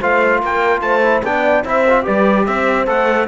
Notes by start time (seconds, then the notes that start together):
0.00 A3 F4 C5 F5
0.42 A#3 A#4 G5
0.81 A3 C5 A5
1.02 E4
1.23 B3 D4 D5 G5
1.64 C4 E4 C5 E5
1.89 F4
2.03 G3 G4 B4 D5
2.46 C4 C5 E5
2.86 A3 A4 F#5